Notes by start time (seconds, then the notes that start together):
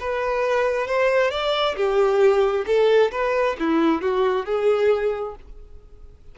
0.00 B4
0.88 C5
1.31 D5
1.76 G4
2.66 A4
3.12 B4
3.59 E4
4.02 F#4
4.46 G#4